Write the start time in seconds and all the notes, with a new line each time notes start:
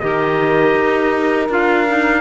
0.00 D#3 G4 A#4 D#5
0.75 D#4
1.49 D4 F4 F5
1.87 D#4